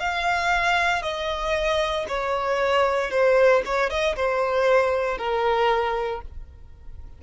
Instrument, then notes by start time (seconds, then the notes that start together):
violin
0.00 F5
1.03 D#5
2.09 C#5
3.11 C5
3.66 C#5
3.90 D#5
4.16 C5
5.18 A#4